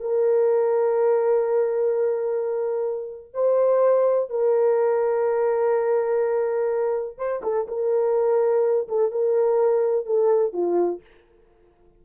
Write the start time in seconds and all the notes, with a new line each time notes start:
0.00 A#4
3.34 C5
4.30 A#4
7.18 C5
7.43 A4
7.68 A#4
8.88 A4
9.11 A#4
10.06 A4
10.53 F4